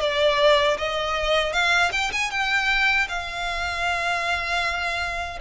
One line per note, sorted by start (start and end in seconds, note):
0.00 0.77 D5
0.77 1.52 D#5
1.52 1.91 F5
1.92 2.11 G5
2.12 2.30 G#5
2.30 3.07 G5
3.08 5.39 F5